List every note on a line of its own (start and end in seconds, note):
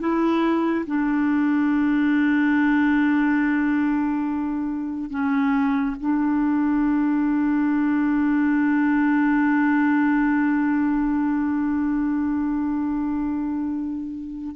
0.00 0.86 E4
0.87 5.11 D4
5.11 5.96 C#4
6.00 14.56 D4